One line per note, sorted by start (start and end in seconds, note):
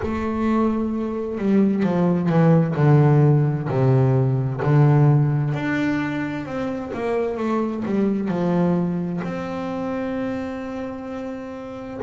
0.02 1.38 A3
1.38 1.83 G3
1.83 2.29 F3
2.29 2.75 E3
2.76 3.68 D3
3.68 4.61 C3
4.62 5.53 D3
5.53 6.45 D4
6.45 6.91 C4
6.93 7.37 A#3
7.37 7.83 A3
7.85 8.28 G3
8.28 9.21 F3
9.23 12.00 C4